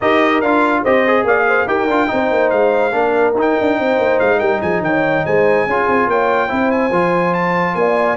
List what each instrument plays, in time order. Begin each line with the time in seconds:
0.00 tuba D#4, trombone G4, horn A#4, trumpet D#5
0.41 tuba D4, trombone F4, trumpet F5
0.82 tuba C4, trombone G4, horn C5, trumpet D#5
1.06 trombone G#4
1.24 tuba A#3, horn D5, trumpet F5
1.47 horn C5
1.66 tuba D#4, trombone G4, horn A#4, trumpet G5
1.87 tuba D4, trombone F4
2.07 tuba C4, trombone D#4, horn C5
2.31 tuba A#3
2.50 tuba G#3, trumpet F5
2.92 tuba A#3, trombone D4, horn A#4
3.34 tuba D#4, trombone D#4
3.40 trumpet G5
3.60 tuba D4
3.78 tuba C4, horn C5
3.98 tuba A#3
4.19 tuba G#3, trumpet F5
4.38 tuba G3, horn A#4, trumpet G5
4.61 tuba F3, horn G#4, trumpet G#5
4.81 tuba D#3, horn C#5, trumpet G5
5.25 tuba G#3, horn C5, trumpet G#5
5.66 tuba C#4, trombone F4, horn G#4
5.87 tuba C4
6.07 tuba A#3, horn C#5, trumpet G5
6.48 tuba C4, trombone E4, horn C5
6.71 trumpet G#5
6.91 tuba F3, trombone F4
7.34 trumpet A5
7.74 tuba A#3, horn D5, trumpet G#5